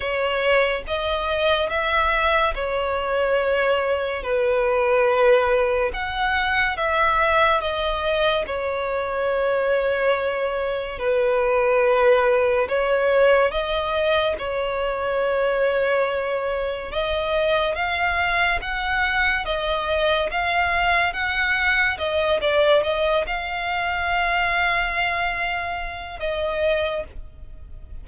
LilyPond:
\new Staff \with { instrumentName = "violin" } { \time 4/4 \tempo 4 = 71 cis''4 dis''4 e''4 cis''4~ | cis''4 b'2 fis''4 | e''4 dis''4 cis''2~ | cis''4 b'2 cis''4 |
dis''4 cis''2. | dis''4 f''4 fis''4 dis''4 | f''4 fis''4 dis''8 d''8 dis''8 f''8~ | f''2. dis''4 | }